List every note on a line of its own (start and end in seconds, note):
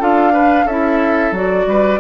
0.00 0.65 D4
0.00 0.34 F4
0.00 0.33 A4
0.00 0.68 F5
0.33 0.67 D4
0.33 0.66 B4
0.65 1.32 C#4
0.65 1.35 E4
0.65 1.66 A4
0.65 1.34 E5
1.32 1.66 F#3
1.32 2.00 F#4
1.32 2.00 D5
1.67 2.00 G3
1.67 2.00 B4